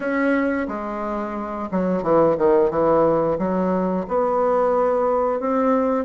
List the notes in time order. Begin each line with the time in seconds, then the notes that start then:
0.00 C#4
0.68 G#3
1.71 F#3
2.02 E3
2.37 D#3
2.70 E3
3.38 F#3
4.08 B3
5.40 C4